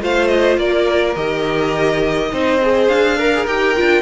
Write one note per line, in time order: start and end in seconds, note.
0.00 0.58 A3
0.00 1.15 F4
0.00 0.59 C5
0.00 0.28 F5
0.28 0.57 D#5
0.58 1.16 A#3
0.58 2.32 A#4
0.58 1.15 D5
1.15 2.32 D#3
1.15 2.32 G4
1.15 2.88 D#5
2.32 2.88 C4
2.32 2.61 D#4
2.32 3.18 C5
2.62 3.19 G#4
2.88 3.46 D4
2.88 3.46 F5
3.18 4.02 A#4
3.18 3.33 A#4
3.33 3.48 G#4
3.47 3.76 D#4
3.47 3.76 G4
3.47 4.02 G5
3.76 4.02 D4
3.76 4.02 F4